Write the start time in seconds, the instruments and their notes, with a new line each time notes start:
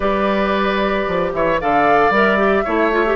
0.00 bassoon G3, clarinet G4, oboe B4, flute D5
1.07 bassoon F3
1.33 bassoon E3, oboe C#5, flute E5
1.60 bassoon D3, clarinet A4, oboe D5, flute F5
2.09 bassoon G3, clarinet A#4, flute E5
2.37 clarinet G4
2.64 bassoon A3, clarinet E4, oboe C#5
2.92 clarinet F4
3.06 clarinet G4